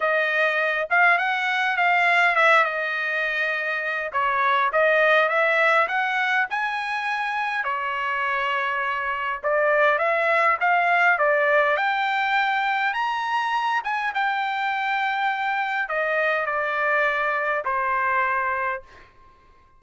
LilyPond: \new Staff \with { instrumentName = "trumpet" } { \time 4/4 \tempo 4 = 102 dis''4. f''8 fis''4 f''4 | e''8 dis''2~ dis''8 cis''4 | dis''4 e''4 fis''4 gis''4~ | gis''4 cis''2. |
d''4 e''4 f''4 d''4 | g''2 ais''4. gis''8 | g''2. dis''4 | d''2 c''2 | }